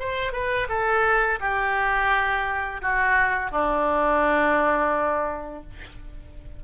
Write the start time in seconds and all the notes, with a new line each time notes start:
0.00 C5
0.33 B4
0.69 A4
1.41 G4
2.82 F#4
3.52 D4